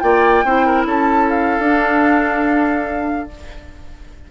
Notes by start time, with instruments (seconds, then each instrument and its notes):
0.00 bassoon A#3, clarinet F4, oboe D5, flute G5
0.45 bassoon C4, clarinet E4, oboe C5
0.66 oboe A#4
0.86 bassoon C#4, oboe A4, flute A5
1.29 flute F5
1.59 bassoon D4, clarinet D4